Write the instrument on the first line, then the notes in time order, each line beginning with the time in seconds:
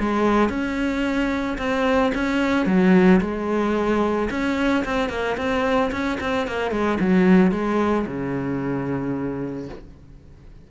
cello
0.00 G#3
0.49 C#4
1.58 C4
2.14 C#4
2.66 F#3
3.21 G#3
4.31 C#4
4.85 C4
5.09 A#3
5.37 C4
5.92 C#4
6.21 C4
6.47 A#3
6.71 G#3
7.00 F#3
7.52 G#3
8.07 C#3